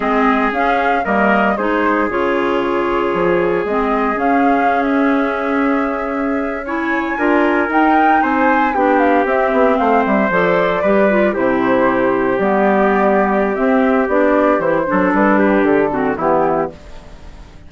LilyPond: <<
  \new Staff \with { instrumentName = "flute" } { \time 4/4 \tempo 4 = 115 dis''4 f''4 dis''4 c''4 | cis''2. dis''4 | f''4~ f''16 e''2~ e''8.~ | e''8. gis''2 g''4 gis''16~ |
gis''8. g''8 f''8 e''4 f''8 e''8 d''16~ | d''4.~ d''16 c''2 d''16~ | d''2 e''4 d''4 | c''4 b'4 a'4 g'4 | }
  \new Staff \with { instrumentName = "trumpet" } { \time 4/4 gis'2 ais'4 gis'4~ | gis'1~ | gis'1~ | gis'8. cis''4 ais'2 c''16~ |
c''8. g'2 c''4~ c''16~ | c''8. b'4 g'2~ g'16~ | g'1~ | g'8 a'4 g'4 fis'8 e'4 | }
  \new Staff \with { instrumentName = "clarinet" } { \time 4/4 c'4 cis'4 ais4 dis'4 | f'2. c'4 | cis'1~ | cis'8. e'4 f'4 dis'4~ dis'16~ |
dis'8. d'4 c'2 a'16~ | a'8. g'8 f'8 e'2 b16~ | b2 c'4 d'4 | e'8 d'2 c'8 b4 | }
  \new Staff \with { instrumentName = "bassoon" } { \time 4/4 gis4 cis'4 g4 gis4 | cis2 f4 gis4 | cis'1~ | cis'4.~ cis'16 d'4 dis'4 c'16~ |
c'8. b4 c'8 b8 a8 g8 f16~ | f8. g4 c2 g16~ | g2 c'4 b4 | e8 fis8 g4 d4 e4 | }
>>